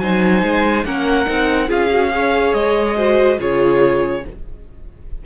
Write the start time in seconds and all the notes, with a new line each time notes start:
0.00 F#3 D#4 C5 G#5
0.43 G#3
0.85 A#3 C#4 A#4 F#5
1.26 C4 D#4
1.68 C#4 F4 G#4 F5
1.91 F#4
2.11 G#4 C#5
2.53 G#3 D#5
2.97 F#4 C5
3.38 C#3 F4 G#4 C#5